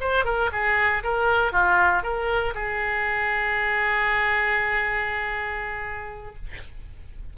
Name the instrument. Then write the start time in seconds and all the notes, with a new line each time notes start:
oboe
0.00 C5
0.24 A#4
0.52 G#4
1.03 A#4
1.52 F4
2.03 A#4
2.54 G#4